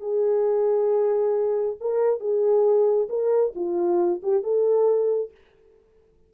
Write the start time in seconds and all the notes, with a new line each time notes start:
0.00 G#4
1.80 A#4
2.20 G#4
3.09 A#4
3.55 F4
4.23 G4
4.43 A4